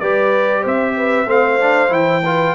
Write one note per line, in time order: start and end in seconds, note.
0.00 0.65 G3
0.00 1.27 G4
0.00 0.61 B4
0.00 0.64 D5
0.61 1.26 C4
0.61 0.93 C5
0.68 1.29 E5
0.96 1.28 B4
1.26 1.90 A3
1.26 1.59 C4
1.26 2.23 C5
1.26 1.93 F5
1.60 1.89 D4
1.89 2.54 E3
1.89 2.21 E4
1.89 2.55 G5
2.24 2.55 F4
2.24 2.55 B4